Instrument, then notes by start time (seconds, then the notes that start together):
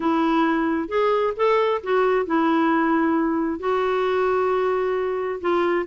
clarinet
0.00 E4
0.88 G#4
1.36 A4
1.83 F#4
2.26 E4
3.59 F#4
5.40 F4